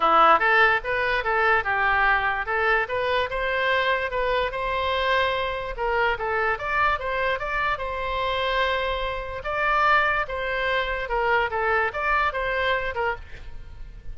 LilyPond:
\new Staff \with { instrumentName = "oboe" } { \time 4/4 \tempo 4 = 146 e'4 a'4 b'4 a'4 | g'2 a'4 b'4 | c''2 b'4 c''4~ | c''2 ais'4 a'4 |
d''4 c''4 d''4 c''4~ | c''2. d''4~ | d''4 c''2 ais'4 | a'4 d''4 c''4. ais'8 | }